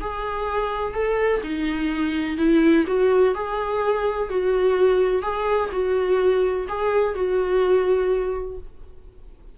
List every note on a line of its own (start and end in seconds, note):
0.00 0.94 G#4
0.94 1.41 A4
1.43 2.37 D#4
2.37 2.85 E4
2.87 3.34 F#4
3.34 4.29 G#4
4.29 5.22 F#4
5.22 5.69 G#4
5.72 6.67 F#4
6.68 7.14 G#4
7.14 8.57 F#4